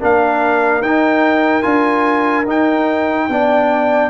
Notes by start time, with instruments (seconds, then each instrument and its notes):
0.00 tuba A#3, trombone D4, horn A#4, trumpet F5
0.81 tuba D#4, trombone D#4, trumpet G5
1.62 tuba D4, trombone F4, trumpet G#5
2.47 trombone D#4, tuba D#4, trumpet G5
3.29 tuba B3, trombone D4, horn D5